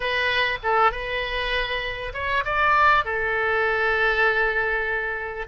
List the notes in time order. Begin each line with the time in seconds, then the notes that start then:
0.00 B4
0.63 A4
0.91 B4
2.13 C#5
2.45 D5
3.04 A4